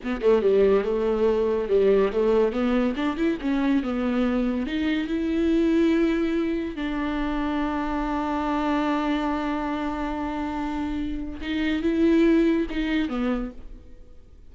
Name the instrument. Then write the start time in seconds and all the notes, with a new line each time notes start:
viola
0.03 B3
0.21 A3
0.41 G3
0.84 A3
1.68 G3
2.12 A3
2.52 B3
2.96 D4
3.17 E4
3.41 C#4
3.83 B3
4.66 D#4
5.07 E4
6.75 D4
11.41 D#4
11.82 E4
12.70 D#4
13.09 B3